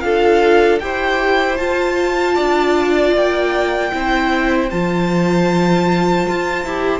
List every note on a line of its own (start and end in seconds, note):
0.00 0.81 D4
0.00 0.80 F4
0.00 0.82 A4
0.00 0.78 F5
0.79 1.59 E4
0.79 1.58 G4
0.79 2.35 C5
0.79 1.56 G5
1.56 3.92 F4
1.56 2.37 F4
1.56 3.12 A5
2.35 3.13 D4
2.35 3.90 D5
3.13 3.91 A#3
3.13 4.70 G5
3.92 4.71 C4
3.92 4.69 E4
3.92 7.00 C5
4.70 6.27 F3
4.70 6.66 F4
4.70 7.00 A5
6.28 6.64 F4
6.64 7.00 E4
6.64 7.00 G4